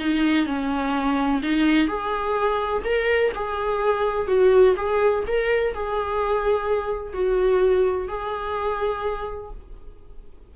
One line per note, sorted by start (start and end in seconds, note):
0.00 0.46 D#4
0.46 1.42 C#4
1.42 1.88 D#4
1.88 2.83 G#4
2.84 3.32 A#4
3.35 4.28 G#4
4.28 4.75 F#4
4.76 5.24 G#4
5.27 5.74 A#4
5.74 7.13 G#4
7.13 8.08 F#4
8.08 9.51 G#4